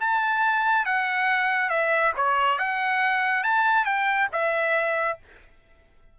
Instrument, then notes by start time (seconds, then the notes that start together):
trumpet
0.00 A5
0.85 F#5
1.69 E5
2.16 C#5
2.59 F#5
3.44 A5
3.85 G5
4.32 E5